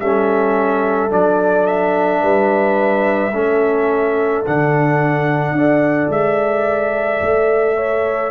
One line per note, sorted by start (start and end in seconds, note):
0.00 1.11 G3
0.00 1.09 C#4
0.00 2.22 A4
0.00 1.11 E5
1.09 2.22 F#3
1.09 3.32 D4
1.09 1.67 D5
1.67 4.45 E5
2.22 3.33 G3
2.22 3.33 B4
3.33 4.44 A3
3.33 4.45 C#4
3.33 5.55 A4
4.46 5.52 D3
4.46 5.57 D4
4.46 6.11 F#5
5.52 6.08 D4
5.52 8.31 A4
5.52 7.77 D5
6.09 7.20 G#3
6.09 8.31 E5
7.22 8.31 A3
7.77 8.31 C#5